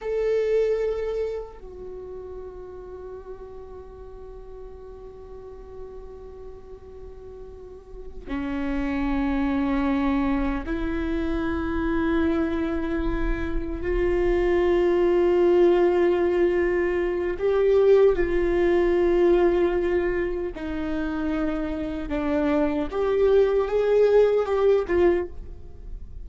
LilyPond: \new Staff \with { instrumentName = "viola" } { \time 4/4 \tempo 4 = 76 a'2 fis'2~ | fis'1~ | fis'2~ fis'8 cis'4.~ | cis'4. e'2~ e'8~ |
e'4. f'2~ f'8~ | f'2 g'4 f'4~ | f'2 dis'2 | d'4 g'4 gis'4 g'8 f'8 | }